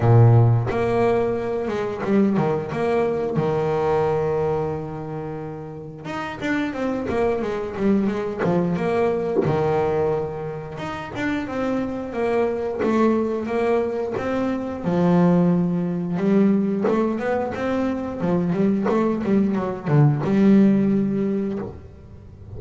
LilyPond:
\new Staff \with { instrumentName = "double bass" } { \time 4/4 \tempo 4 = 89 ais,4 ais4. gis8 g8 dis8 | ais4 dis2.~ | dis4 dis'8 d'8 c'8 ais8 gis8 g8 | gis8 f8 ais4 dis2 |
dis'8 d'8 c'4 ais4 a4 | ais4 c'4 f2 | g4 a8 b8 c'4 f8 g8 | a8 g8 fis8 d8 g2 | }